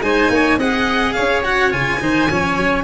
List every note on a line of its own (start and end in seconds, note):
0.00 0.28 G#3
0.00 0.59 D#4
0.00 0.31 C5
0.00 0.58 G#5
0.29 0.57 A#3
0.29 0.58 C#5
0.57 1.13 C4
0.57 1.43 G#4
0.57 1.14 D#5
0.57 1.13 F#5
1.13 1.73 C#4
1.13 1.99 C#5
1.13 1.41 F5
1.43 1.71 F#4
1.43 1.72 F#5
1.71 2.01 C#3
1.71 1.99 F4
1.71 2.83 G#5
2.00 2.29 D#3
2.00 2.29 D#4
2.00 2.30 C5
2.30 2.57 F3
2.30 2.83 C#4
2.30 2.83 C#5
2.57 2.83 F#3